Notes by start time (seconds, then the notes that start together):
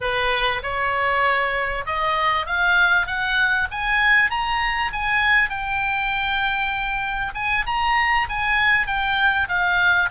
0.00 B4
0.62 C#5
1.86 D#5
2.46 F5
3.06 F#5
3.71 G#5
4.30 A#5
4.92 G#5
5.49 G5
7.34 G#5
7.66 A#5
8.29 G#5
8.86 G5
9.48 F5